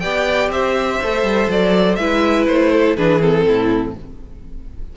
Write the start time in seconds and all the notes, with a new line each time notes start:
0.00 B3 G4 D5 G5
0.49 C4 C5 E5
1.03 A3 A4
1.23 G3
1.49 F#3 D5
1.96 G#3 E4 B4 E5
2.47 A3 C5
2.73 A4
2.97 E3 D4 G#4 B4
3.20 C4 A4
3.48 A2 E4